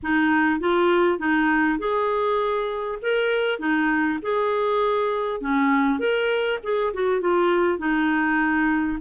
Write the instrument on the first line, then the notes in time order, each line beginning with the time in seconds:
clarinet
0.02 D#4
0.60 F4
1.18 D#4
1.78 G#4
3.02 A#4
3.59 D#4
4.21 G#4
5.40 C#4
5.99 A#4
6.63 G#4
6.93 F#4
7.20 F4
7.78 D#4